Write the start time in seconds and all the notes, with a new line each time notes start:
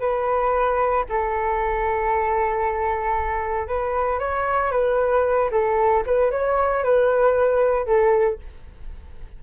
0.00 B4
1.09 A4
3.68 B4
4.20 C#5
4.72 B4
5.51 A4
6.06 B4
6.31 C#5
6.84 B4
7.87 A4